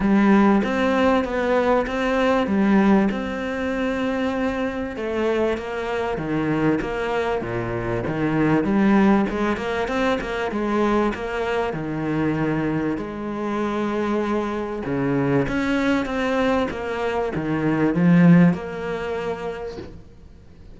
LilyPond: \new Staff \with { instrumentName = "cello" } { \time 4/4 \tempo 4 = 97 g4 c'4 b4 c'4 | g4 c'2. | a4 ais4 dis4 ais4 | ais,4 dis4 g4 gis8 ais8 |
c'8 ais8 gis4 ais4 dis4~ | dis4 gis2. | cis4 cis'4 c'4 ais4 | dis4 f4 ais2 | }